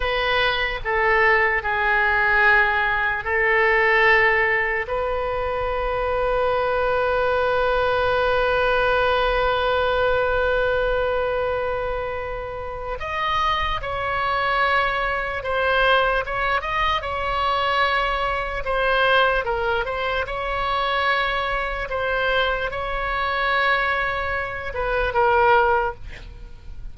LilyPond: \new Staff \with { instrumentName = "oboe" } { \time 4/4 \tempo 4 = 74 b'4 a'4 gis'2 | a'2 b'2~ | b'1~ | b'1 |
dis''4 cis''2 c''4 | cis''8 dis''8 cis''2 c''4 | ais'8 c''8 cis''2 c''4 | cis''2~ cis''8 b'8 ais'4 | }